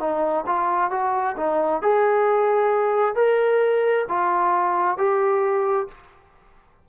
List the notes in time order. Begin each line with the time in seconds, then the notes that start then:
0.00 D#4
0.47 F4
0.91 F#4
1.37 D#4
1.82 G#4
3.15 A#4
4.08 F4
4.97 G4